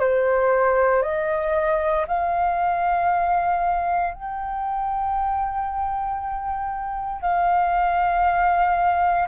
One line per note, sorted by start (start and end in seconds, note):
0.00 1.03 C5
1.03 2.06 D#5
2.08 4.14 F5
4.14 7.22 G5
7.22 9.29 F5